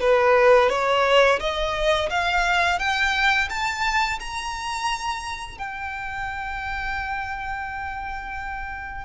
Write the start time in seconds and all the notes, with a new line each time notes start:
0.00 B4
0.69 C#5
1.40 D#5
2.10 F5
2.78 G5
3.49 A5
4.19 A#5
5.58 G5